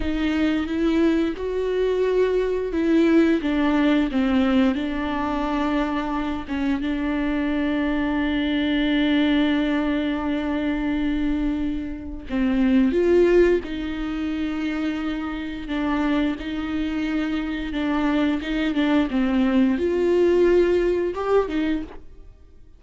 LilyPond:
\new Staff \with { instrumentName = "viola" } { \time 4/4 \tempo 4 = 88 dis'4 e'4 fis'2 | e'4 d'4 c'4 d'4~ | d'4. cis'8 d'2~ | d'1~ |
d'2 c'4 f'4 | dis'2. d'4 | dis'2 d'4 dis'8 d'8 | c'4 f'2 g'8 dis'8 | }